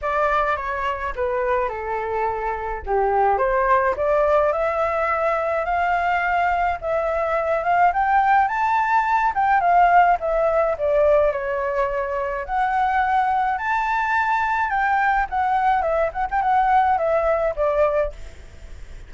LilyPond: \new Staff \with { instrumentName = "flute" } { \time 4/4 \tempo 4 = 106 d''4 cis''4 b'4 a'4~ | a'4 g'4 c''4 d''4 | e''2 f''2 | e''4. f''8 g''4 a''4~ |
a''8 g''8 f''4 e''4 d''4 | cis''2 fis''2 | a''2 g''4 fis''4 | e''8 fis''16 g''16 fis''4 e''4 d''4 | }